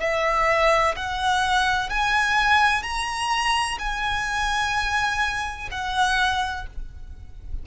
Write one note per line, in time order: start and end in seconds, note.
0.00 0.95 E5
0.96 1.89 F#5
1.89 2.82 G#5
2.82 3.77 A#5
3.78 5.69 G#5
5.71 6.66 F#5